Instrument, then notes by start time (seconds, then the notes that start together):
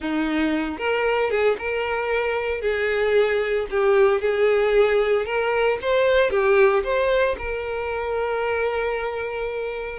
violin
0.00 D#4
0.78 A#4
1.30 G#4
1.58 A#4
2.61 G#4
3.70 G4
4.21 G#4
5.25 A#4
5.81 C5
6.30 G4
6.83 C5
7.38 A#4